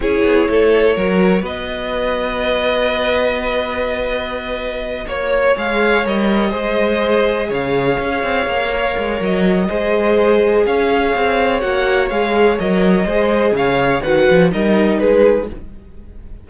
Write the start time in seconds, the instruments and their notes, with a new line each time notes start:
0.00 cello C#4, viola E4, violin G#4 C#5
0.23 cello B3
0.49 cello A3, violin A4
0.95 cello F#3, viola F#4, violin A#4
1.42 cello B3, violin B4 D#5
5.06 cello A#3, violin C#5
5.56 cello G#3, viola G#4, violin F5
6.05 cello G3, viola A#4, violin D#5
6.50 cello G#3, viola G#4, violin C5
7.48 cello C#3, violin C#5 F5
7.99 cello C#4
8.23 cello C4
8.46 cello A#3
8.73 viola A#4
8.97 cello G#3
9.20 cello F#3, violin D#5
9.68 cello G#3, viola G#4, violin C5
10.65 cello C#4, violin C#5 F5
11.14 cello C4
11.60 cello A#3, viola F#4, violin F#5
12.09 cello G#3, viola G#4, violin F5
12.58 cello F#3, viola A#4, violin D#5
13.05 cello G#3, viola G#4, violin C5
13.52 cello C#3, violin F5
13.58 violin C#5
14.02 cello D#3, viola F#4, violin B4 F#5
14.30 cello F3
14.51 cello G3, viola D#4, violin A#4 D#5
14.99 cello G#3, violin G#4 B4